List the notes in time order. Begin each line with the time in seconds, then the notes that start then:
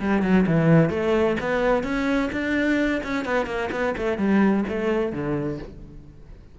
0.00 G3
0.22 F#3
0.47 E3
0.90 A3
1.40 B3
1.84 C#4
2.32 D4
3.03 C#4
3.25 B3
3.46 A#3
3.71 B3
3.97 A3
4.18 G3
4.69 A3
5.12 D3